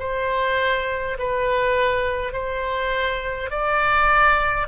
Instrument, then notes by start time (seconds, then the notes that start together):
oboe
0.00 C5
1.19 B4
2.33 C5
3.51 D5